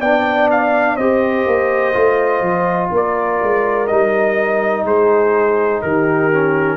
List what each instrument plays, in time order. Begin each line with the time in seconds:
0.00 tuba B3, trombone D4, horn D5, trumpet G5
0.51 trumpet F5
0.96 tuba C4, trombone G4, horn C5, trumpet D#5
1.46 tuba A#3
1.94 tuba A3, trombone F4
2.41 tuba F3
2.91 tuba A#3, horn A#4, trumpet D5
3.42 tuba G#3
3.87 tuba G3, trombone D#4, trumpet D#5
4.84 tuba G#3, horn G#4, trumpet C5
5.82 tuba D#3, horn G4, trumpet A#4
6.32 trombone C#4